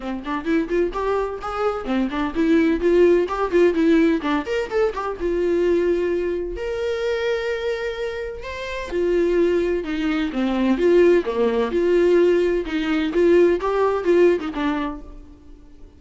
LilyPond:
\new Staff \with { instrumentName = "viola" } { \time 4/4 \tempo 4 = 128 c'8 d'8 e'8 f'8 g'4 gis'4 | c'8 d'8 e'4 f'4 g'8 f'8 | e'4 d'8 ais'8 a'8 g'8 f'4~ | f'2 ais'2~ |
ais'2 c''4 f'4~ | f'4 dis'4 c'4 f'4 | ais4 f'2 dis'4 | f'4 g'4 f'8. dis'16 d'4 | }